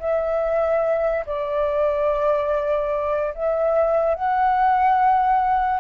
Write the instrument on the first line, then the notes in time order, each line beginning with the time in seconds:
flute
0.00 E5
1.26 D5
3.35 E5
4.15 F#5